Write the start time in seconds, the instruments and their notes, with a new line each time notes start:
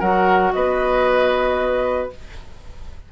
0.00 bassoon F#3, clarinet F#4, oboe A#4, flute F#5
0.53 bassoon B3, oboe B4, flute D#5